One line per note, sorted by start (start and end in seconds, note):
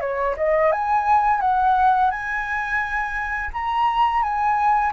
0.00 0.35 C#5
0.37 0.72 D#5
0.72 1.41 G#5
1.41 2.10 F#5
2.10 3.50 G#5
3.53 4.22 A#5
4.22 4.92 G#5